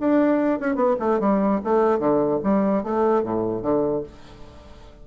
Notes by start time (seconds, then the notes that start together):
0.00 D4
0.60 C#4
0.76 B3
1.00 A3
1.20 G3
1.64 A3
1.99 D3
2.44 G3
2.84 A3
3.24 A2
3.62 D3